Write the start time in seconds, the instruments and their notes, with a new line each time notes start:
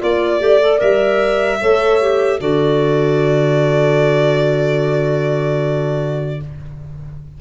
0.00 tuba A#3, clarinet F4, horn D5, violin D5
0.40 tuba A3, clarinet G4
0.62 clarinet A4
0.79 tuba G3, clarinet A#4, violin E5
1.61 tuba A3, clarinet A4, horn C#5
2.01 clarinet G4
2.40 tuba D3, clarinet F#4, horn A4, violin D5